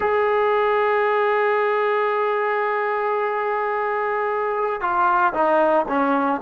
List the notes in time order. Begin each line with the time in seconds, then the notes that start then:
0.00 G#4
4.80 F4
5.33 D#4
5.88 C#4